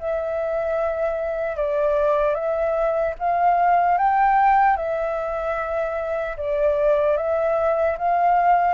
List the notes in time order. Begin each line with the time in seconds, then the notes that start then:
0.00 E5
1.57 D5
2.35 E5
3.20 F5
3.98 G5
4.77 E5
6.37 D5
7.17 E5
7.98 F5